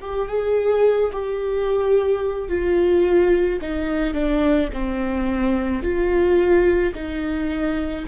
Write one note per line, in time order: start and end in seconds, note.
0.00 0.28 G4
0.28 1.11 G#4
1.12 2.48 G4
2.48 3.59 F4
3.61 4.13 D#4
4.13 4.69 D4
4.73 5.82 C4
5.82 6.93 F4
6.94 8.05 D#4